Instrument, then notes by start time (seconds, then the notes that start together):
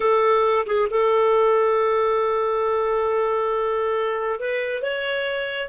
clarinet
0.00 A4
0.66 G#4
0.90 A4
4.39 B4
4.82 C#5